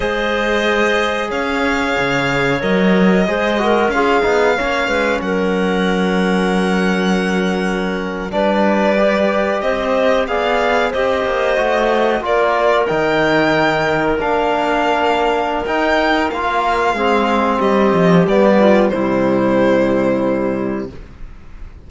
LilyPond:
<<
  \new Staff \with { instrumentName = "violin" } { \time 4/4 \tempo 4 = 92 dis''2 f''2 | dis''2 f''2 | fis''1~ | fis''8. d''2 dis''4 f''16~ |
f''8. dis''2 d''4 g''16~ | g''4.~ g''16 f''2~ f''16 | g''4 f''2 dis''4 | d''4 c''2. | }
  \new Staff \with { instrumentName = "clarinet" } { \time 4/4 c''2 cis''2~ | cis''4 c''8 ais'8 gis'4 cis''8 b'8 | ais'1~ | ais'8. b'2 c''4 d''16~ |
d''8. c''2 ais'4~ ais'16~ | ais'1~ | ais'2 gis'4 g'4~ | g'8 f'8 e'2. | }
  \new Staff \with { instrumentName = "trombone" } { \time 4/4 gis'1 | ais'4 gis'8 fis'8 f'8 dis'8 cis'4~ | cis'1~ | cis'8. d'4 g'2 gis'16~ |
gis'8. g'4 fis'4 f'4 dis'16~ | dis'4.~ dis'16 d'2~ d'16 | dis'4 f'4 c'2 | b4 g2. | }
  \new Staff \with { instrumentName = "cello" } { \time 4/4 gis2 cis'4 cis4 | fis4 gis4 cis'8 b8 ais8 gis8 | fis1~ | fis8. g2 c'4 b16~ |
b8. c'8 ais8 a4 ais4 dis16~ | dis4.~ dis16 ais2~ ais16 | dis'4 ais4 gis4 g8 f8 | g4 c2. | }
>>